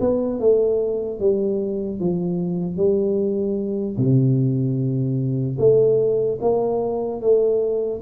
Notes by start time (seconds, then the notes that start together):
0.00 B3
0.40 A3
1.20 G3
2.00 F3
2.77 G3
3.97 C3
5.58 A3
6.41 A#3
7.21 A3